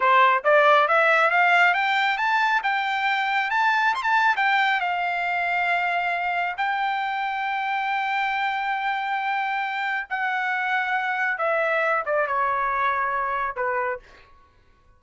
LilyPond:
\new Staff \with { instrumentName = "trumpet" } { \time 4/4 \tempo 4 = 137 c''4 d''4 e''4 f''4 | g''4 a''4 g''2 | a''4 c'''16 a''8. g''4 f''4~ | f''2. g''4~ |
g''1~ | g''2. fis''4~ | fis''2 e''4. d''8 | cis''2. b'4 | }